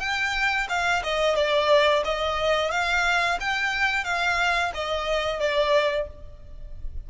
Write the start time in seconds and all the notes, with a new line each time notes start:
0.00 G5
0.69 F5
1.03 D#5
1.35 D5
2.05 D#5
2.71 F5
3.40 G5
4.04 F5
4.74 D#5
5.40 D5